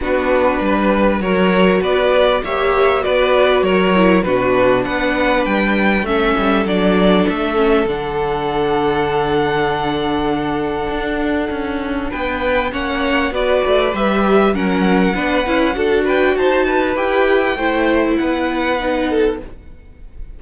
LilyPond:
<<
  \new Staff \with { instrumentName = "violin" } { \time 4/4 \tempo 4 = 99 b'2 cis''4 d''4 | e''4 d''4 cis''4 b'4 | fis''4 g''4 e''4 d''4 | e''4 fis''2.~ |
fis''1 | g''4 fis''4 d''4 e''4 | fis''2~ fis''8 g''8 a''4 | g''2 fis''2 | }
  \new Staff \with { instrumentName = "violin" } { \time 4/4 fis'4 b'4 ais'4 b'4 | cis''4 b'4 ais'4 fis'4 | b'2 a'2~ | a'1~ |
a'1 | b'4 cis''4 b'2 | ais'4 b'4 a'8 b'8 c''8 b'8~ | b'4 c''4 b'4. a'8 | }
  \new Staff \with { instrumentName = "viola" } { \time 4/4 d'2 fis'2 | g'4 fis'4. e'8 d'4~ | d'2 cis'4 d'4~ | d'8 cis'8 d'2.~ |
d'1~ | d'4 cis'4 fis'4 g'4 | cis'4 d'8 e'8 fis'2 | g'4 e'2 dis'4 | }
  \new Staff \with { instrumentName = "cello" } { \time 4/4 b4 g4 fis4 b4 | ais4 b4 fis4 b,4 | b4 g4 a8 g8 fis4 | a4 d2.~ |
d2 d'4 cis'4 | b4 ais4 b8 a8 g4 | fis4 b8 cis'8 d'4 dis'4 | e'4 a4 b2 | }
>>